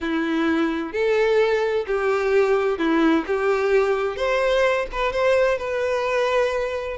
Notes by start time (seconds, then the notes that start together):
0.01 E4
0.92 A4
1.86 G4
2.78 E4
3.26 G4
4.16 C5
4.92 B4
5.12 C5
5.58 B4